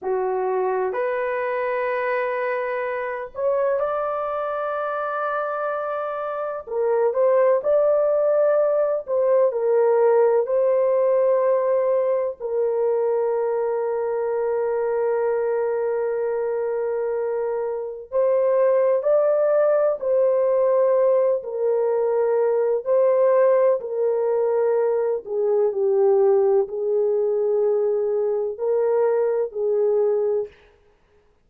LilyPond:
\new Staff \with { instrumentName = "horn" } { \time 4/4 \tempo 4 = 63 fis'4 b'2~ b'8 cis''8 | d''2. ais'8 c''8 | d''4. c''8 ais'4 c''4~ | c''4 ais'2.~ |
ais'2. c''4 | d''4 c''4. ais'4. | c''4 ais'4. gis'8 g'4 | gis'2 ais'4 gis'4 | }